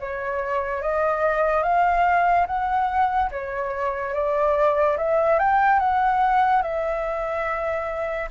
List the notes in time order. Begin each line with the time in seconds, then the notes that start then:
0.00 C#5
0.82 D#5
1.63 F5
2.47 F#5
3.31 C#5
4.14 D5
4.98 E5
5.39 G5
5.80 F#5
6.62 E5